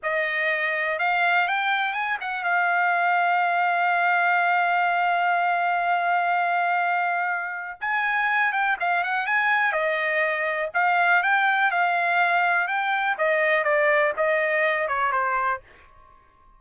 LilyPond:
\new Staff \with { instrumentName = "trumpet" } { \time 4/4 \tempo 4 = 123 dis''2 f''4 g''4 | gis''8 fis''8 f''2.~ | f''1~ | f''1 |
gis''4. g''8 f''8 fis''8 gis''4 | dis''2 f''4 g''4 | f''2 g''4 dis''4 | d''4 dis''4. cis''8 c''4 | }